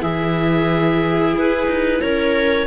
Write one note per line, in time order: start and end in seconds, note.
0.00 1.35 E3
0.00 2.66 E4
0.00 2.01 G#4
0.00 1.35 E5
1.36 1.67 E4
1.36 2.02 B4
1.67 2.00 D#4
2.01 2.66 C#4
2.01 2.66 A#4
2.01 2.66 C#5